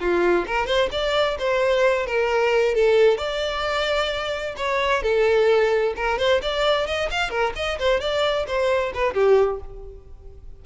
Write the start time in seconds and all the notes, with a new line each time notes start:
0.00 F4
0.47 A#4
0.66 C5
0.92 D5
1.39 C5
2.06 A#4
2.75 A4
3.18 D5
4.57 C#5
5.03 A4
5.96 A#4
6.19 C5
6.42 D5
6.87 D#5
7.11 F5
7.30 A#4
7.56 D#5
7.79 C5
8.00 D5
8.47 C5
8.94 B4
9.14 G4